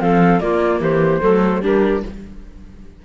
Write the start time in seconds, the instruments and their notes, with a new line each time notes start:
0.00 cello F3, viola C4, clarinet A4, flute F5
0.40 cello A#3, viola A#3, clarinet F4, flute D5
0.80 cello E3, clarinet G4, flute C5
1.21 cello F#3, viola A3, clarinet A4
1.61 cello G3, viola D4, clarinet G4, flute A#4